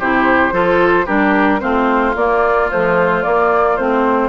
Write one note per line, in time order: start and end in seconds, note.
0.00 0.52 C3
0.00 0.53 E4
0.00 0.54 G4
0.00 1.07 C5
0.52 1.07 F3
0.52 1.07 F4
0.52 1.06 A4
1.06 1.63 G3
1.06 1.61 D4
1.06 1.60 G4
1.06 1.61 A#4
1.61 2.16 A3
1.61 2.15 C4
1.61 4.29 F4
1.61 2.15 C5
2.16 2.70 A#3
2.16 2.72 A#3
2.16 2.71 D5
2.72 3.24 F3
2.72 3.26 A3
2.72 3.23 C5
3.23 3.78 A#3
3.23 3.79 A#3
3.23 3.77 D5
3.77 4.29 A3
3.77 4.29 C4
3.77 4.29 C5